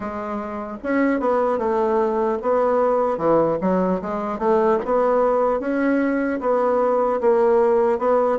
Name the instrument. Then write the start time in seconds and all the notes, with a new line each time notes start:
bassoon
0.00 G#3
0.83 C#4
1.20 B3
1.58 A3
2.42 B3
3.17 E3
3.61 F#3
4.01 G#3
4.38 A3
4.85 B3
5.60 C#4
6.40 B3
7.20 A#3
7.99 B3